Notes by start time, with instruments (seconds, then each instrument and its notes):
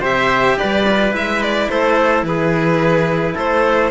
0.00 cello C3 G4, trumpet C5, violin E5
0.57 cello G3, trumpet B4, violin D5
0.88 cello F4
1.12 cello G#3 E4, violin E5
1.42 violin D5
1.68 cello A3, trumpet A4, violin C5
2.23 cello E3, trumpet G#4, violin B4
3.34 cello A3, trumpet A4, violin C5